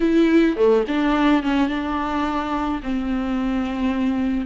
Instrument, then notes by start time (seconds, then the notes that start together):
viola
0.00 E4
0.56 A3
0.87 D4
1.42 C#4
1.68 D4
2.83 C4